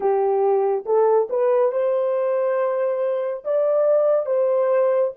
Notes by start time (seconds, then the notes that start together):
0.00 G4
0.85 A4
1.29 B4
1.72 C5
3.44 D5
4.26 C5